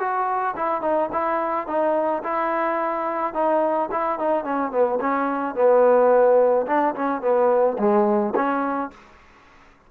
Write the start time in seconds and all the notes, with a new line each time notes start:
0.00 F#4
0.57 E4
0.82 D#4
1.13 E4
1.68 D#4
2.24 E4
3.34 D#4
3.92 E4
4.19 D#4
4.45 C#4
4.72 B3
5.01 C#4
5.55 B3
6.67 D4
6.95 C#4
7.22 B3
7.79 G#3
8.36 C#4